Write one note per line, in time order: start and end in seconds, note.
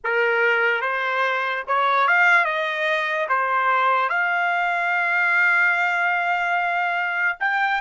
0.04 0.81 A#4
0.81 1.63 C5
1.67 2.07 C#5
2.07 2.44 F5
2.44 3.27 D#5
3.29 4.09 C5
4.09 7.37 F5
7.40 7.81 G5